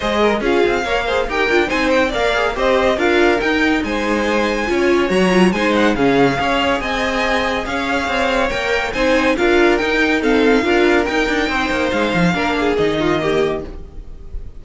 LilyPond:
<<
  \new Staff \with { instrumentName = "violin" } { \time 4/4 \tempo 4 = 141 dis''4 f''2 g''4 | gis''8 g''8 f''4 dis''4 f''4 | g''4 gis''2. | ais''4 gis''8 fis''8 f''2 |
gis''2 f''2 | g''4 gis''4 f''4 g''4 | f''2 g''2 | f''2 dis''2 | }
  \new Staff \with { instrumentName = "violin" } { \time 4/4 c''8 ais'8 gis'4 cis''8 c''8 ais'4 | c''4 d''4 c''4 ais'4~ | ais'4 c''2 cis''4~ | cis''4 c''4 gis'4 cis''4 |
dis''2 cis''2~ | cis''4 c''4 ais'2 | a'4 ais'2 c''4~ | c''4 ais'8 gis'4 f'8 g'4 | }
  \new Staff \with { instrumentName = "viola" } { \time 4/4 gis'4 f'4 ais'8 gis'8 g'8 f'8 | dis'4 ais'8 gis'8 g'4 f'4 | dis'2. f'4 | fis'8 f'8 dis'4 cis'4 gis'4~ |
gis'1 | ais'4 dis'4 f'4 dis'4 | c'4 f'4 dis'2~ | dis'4 d'4 dis'4 ais4 | }
  \new Staff \with { instrumentName = "cello" } { \time 4/4 gis4 cis'8 c'8 ais4 dis'8 d'8 | c'4 ais4 c'4 d'4 | dis'4 gis2 cis'4 | fis4 gis4 cis4 cis'4 |
c'2 cis'4 c'4 | ais4 c'4 d'4 dis'4~ | dis'4 d'4 dis'8 d'8 c'8 ais8 | gis8 f8 ais4 dis2 | }
>>